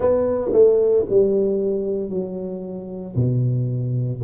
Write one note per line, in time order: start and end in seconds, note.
0.00 0.51 B3
0.52 1.05 A3
1.09 2.09 G3
2.09 3.14 F#3
3.15 4.21 B2